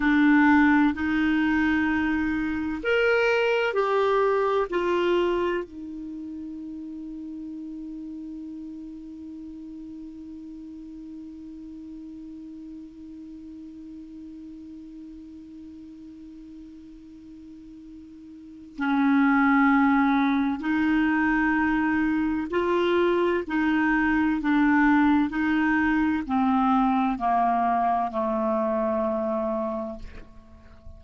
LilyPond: \new Staff \with { instrumentName = "clarinet" } { \time 4/4 \tempo 4 = 64 d'4 dis'2 ais'4 | g'4 f'4 dis'2~ | dis'1~ | dis'1~ |
dis'1 | cis'2 dis'2 | f'4 dis'4 d'4 dis'4 | c'4 ais4 a2 | }